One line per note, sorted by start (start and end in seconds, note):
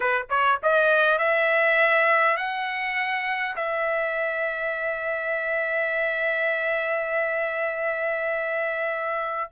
0.00 0.26 B4
0.29 0.59 C#5
0.62 1.18 D#5
1.18 2.37 E5
2.37 3.55 F#5
3.56 9.50 E5